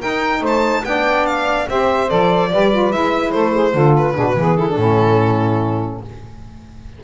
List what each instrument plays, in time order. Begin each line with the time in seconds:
0.00 saxophone D#4 A#4, double bass D#4, violin G5
0.41 double bass A3, saxophone C5, violin A5
0.84 double bass B3, saxophone D4 D5, violin G5
1.27 violin F5
1.68 double bass C4, saxophone G4 C5, violin E5
2.08 double bass F3, saxophone A4, violin D5
2.52 double bass G3, saxophone G4 B4
2.72 saxophone F4
2.92 double bass G#3, saxophone E4, violin E5
3.32 double bass A3, saxophone A4, violin C5
3.54 saxophone G#4
3.73 double bass D3, saxophone F4 A4
3.97 violin B4
4.14 double bass B2, saxophone D4 G#4
4.27 saxophone F#4
4.36 double bass E3, saxophone B3 G#4
4.57 saxophone E4, violin A4
4.69 saxophone D4
4.77 double bass A2, saxophone C#4 E4